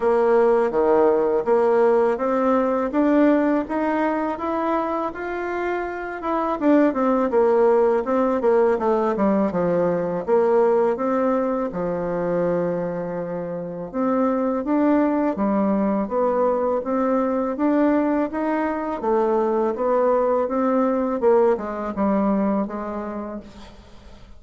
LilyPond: \new Staff \with { instrumentName = "bassoon" } { \time 4/4 \tempo 4 = 82 ais4 dis4 ais4 c'4 | d'4 dis'4 e'4 f'4~ | f'8 e'8 d'8 c'8 ais4 c'8 ais8 | a8 g8 f4 ais4 c'4 |
f2. c'4 | d'4 g4 b4 c'4 | d'4 dis'4 a4 b4 | c'4 ais8 gis8 g4 gis4 | }